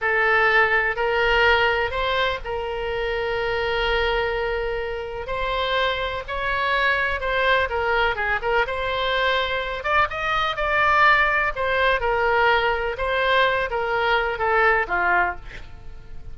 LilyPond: \new Staff \with { instrumentName = "oboe" } { \time 4/4 \tempo 4 = 125 a'2 ais'2 | c''4 ais'2.~ | ais'2. c''4~ | c''4 cis''2 c''4 |
ais'4 gis'8 ais'8 c''2~ | c''8 d''8 dis''4 d''2 | c''4 ais'2 c''4~ | c''8 ais'4. a'4 f'4 | }